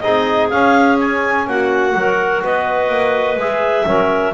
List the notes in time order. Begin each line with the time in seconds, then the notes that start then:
0.00 C4 D#4 G#4 D#5
0.50 C#4 F5
1.01 G#5
1.48 A#3 F#4 F#5
1.93 F#3 F#4 A#4
2.44 B3 B4 D#5
2.89 A#3
3.37 G#3 G#4 E5
3.86 F#3 C#4 A#4